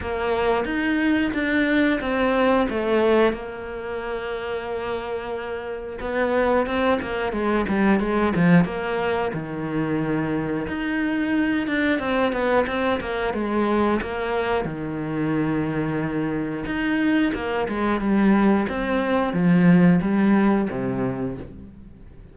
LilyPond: \new Staff \with { instrumentName = "cello" } { \time 4/4 \tempo 4 = 90 ais4 dis'4 d'4 c'4 | a4 ais2.~ | ais4 b4 c'8 ais8 gis8 g8 | gis8 f8 ais4 dis2 |
dis'4. d'8 c'8 b8 c'8 ais8 | gis4 ais4 dis2~ | dis4 dis'4 ais8 gis8 g4 | c'4 f4 g4 c4 | }